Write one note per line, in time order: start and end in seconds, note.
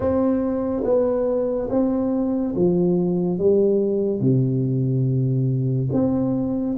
0.00 0.83 C4
0.84 1.68 B3
1.69 2.54 C4
2.55 3.38 F3
3.38 4.20 G3
4.20 5.89 C3
5.92 6.76 C4